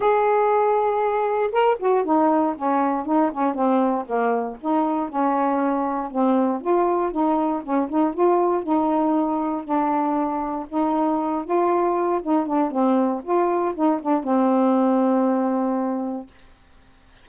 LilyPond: \new Staff \with { instrumentName = "saxophone" } { \time 4/4 \tempo 4 = 118 gis'2. ais'8 fis'8 | dis'4 cis'4 dis'8 cis'8 c'4 | ais4 dis'4 cis'2 | c'4 f'4 dis'4 cis'8 dis'8 |
f'4 dis'2 d'4~ | d'4 dis'4. f'4. | dis'8 d'8 c'4 f'4 dis'8 d'8 | c'1 | }